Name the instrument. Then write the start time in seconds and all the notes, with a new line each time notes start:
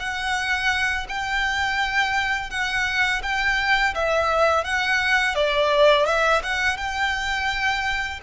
violin
0.00 F#5
1.09 G5
2.51 F#5
3.23 G5
3.95 E5
4.65 F#5
5.35 D5
6.06 E5
6.44 F#5
6.77 G5